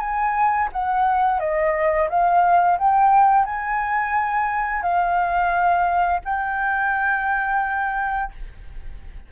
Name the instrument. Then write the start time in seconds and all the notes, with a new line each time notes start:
flute
0.00 G#5
0.72 F#5
1.40 D#5
2.09 F5
2.79 G5
3.45 G#5
4.82 F5
6.25 G5